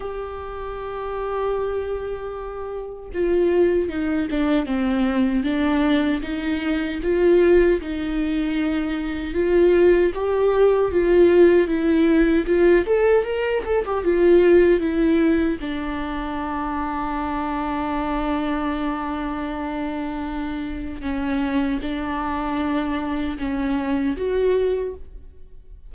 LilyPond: \new Staff \with { instrumentName = "viola" } { \time 4/4 \tempo 4 = 77 g'1 | f'4 dis'8 d'8 c'4 d'4 | dis'4 f'4 dis'2 | f'4 g'4 f'4 e'4 |
f'8 a'8 ais'8 a'16 g'16 f'4 e'4 | d'1~ | d'2. cis'4 | d'2 cis'4 fis'4 | }